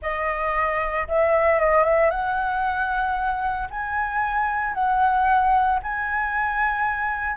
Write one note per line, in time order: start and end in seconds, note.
0.02 1.07 D#5
1.07 1.59 E5
1.59 1.84 D#5
1.84 2.10 E5
2.10 3.68 F#5
3.70 4.74 G#5
4.74 5.79 F#5
5.82 7.36 G#5